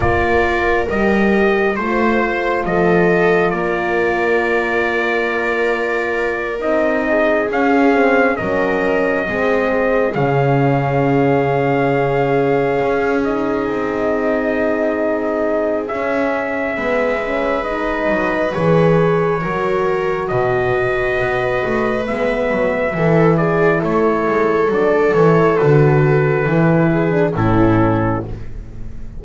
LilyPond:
<<
  \new Staff \with { instrumentName = "trumpet" } { \time 4/4 \tempo 4 = 68 d''4 dis''4 c''4 dis''4 | d''2.~ d''8 dis''8~ | dis''8 f''4 dis''2 f''8~ | f''2. dis''4~ |
dis''2 e''2 | dis''4 cis''2 dis''4~ | dis''4 e''4. d''8 cis''4 | d''8 cis''8 b'2 a'4 | }
  \new Staff \with { instrumentName = "viola" } { \time 4/4 ais'2 c''4 a'4 | ais'1 | gis'4. ais'4 gis'4.~ | gis'1~ |
gis'2. b'4~ | b'2 ais'4 b'4~ | b'2 a'8 gis'8 a'4~ | a'2~ a'8 gis'8 e'4 | }
  \new Staff \with { instrumentName = "horn" } { \time 4/4 f'4 g'4 f'2~ | f'2.~ f'8 dis'8~ | dis'8 cis'8 c'8 cis'4 c'4 cis'8~ | cis'2. dis'4~ |
dis'2 cis'4 b8 cis'8 | dis'4 gis'4 fis'2~ | fis'4 b4 e'2 | d'8 e'8 fis'4 e'8. d'16 cis'4 | }
  \new Staff \with { instrumentName = "double bass" } { \time 4/4 ais4 g4 a4 f4 | ais2.~ ais8 c'8~ | c'8 cis'4 fis4 gis4 cis8~ | cis2~ cis8 cis'4 c'8~ |
c'2 cis'4 gis4~ | gis8 fis8 e4 fis4 b,4 | b8 a8 gis8 fis8 e4 a8 gis8 | fis8 e8 d4 e4 a,4 | }
>>